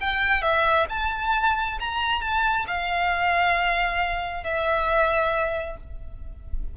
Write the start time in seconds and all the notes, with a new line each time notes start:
0.00 G5
0.42 E5
0.89 A5
1.79 A#5
2.21 A5
2.67 F5
4.43 E5